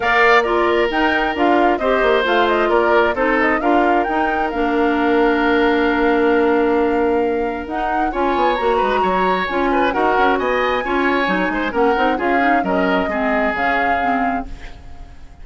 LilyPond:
<<
  \new Staff \with { instrumentName = "flute" } { \time 4/4 \tempo 4 = 133 f''4 d''4 g''4 f''4 | dis''4 f''8 dis''8 d''4 c''8 dis''8 | f''4 g''4 f''2~ | f''1~ |
f''4 fis''4 gis''4 ais''4~ | ais''4 gis''4 fis''4 gis''4~ | gis''2 fis''4 f''4 | dis''2 f''2 | }
  \new Staff \with { instrumentName = "oboe" } { \time 4/4 d''4 ais'2. | c''2 ais'4 a'4 | ais'1~ | ais'1~ |
ais'2 cis''4. b'8 | cis''4. b'8 ais'4 dis''4 | cis''4. c''8 ais'4 gis'4 | ais'4 gis'2. | }
  \new Staff \with { instrumentName = "clarinet" } { \time 4/4 ais'4 f'4 dis'4 f'4 | g'4 f'2 dis'4 | f'4 dis'4 d'2~ | d'1~ |
d'4 dis'4 f'4 fis'4~ | fis'4 f'4 fis'2 | f'4 dis'4 cis'8 dis'8 f'8 dis'8 | cis'4 c'4 cis'4 c'4 | }
  \new Staff \with { instrumentName = "bassoon" } { \time 4/4 ais2 dis'4 d'4 | c'8 ais8 a4 ais4 c'4 | d'4 dis'4 ais2~ | ais1~ |
ais4 dis'4 cis'8 b8 ais8 gis8 | fis4 cis'4 dis'8 cis'8 b4 | cis'4 fis8 gis8 ais8 c'8 cis'4 | fis4 gis4 cis2 | }
>>